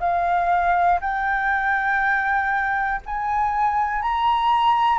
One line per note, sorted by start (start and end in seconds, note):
0.00 1.00 F5
1.00 3.00 G5
3.06 4.02 G#5
4.02 4.99 A#5